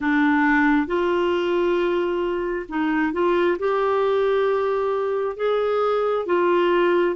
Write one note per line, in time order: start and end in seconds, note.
0.00 0.87 D4
0.87 2.66 F4
2.69 3.13 D#4
3.13 3.57 F4
3.58 5.36 G4
5.36 6.26 G#4
6.26 7.15 F4